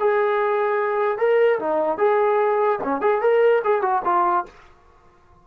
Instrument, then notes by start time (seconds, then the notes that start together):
trombone
0.00 G#4
1.19 A#4
1.60 D#4
1.98 G#4
2.84 C#4
3.01 G#4
3.22 A#4
3.64 G#4
3.82 F#4
4.05 F4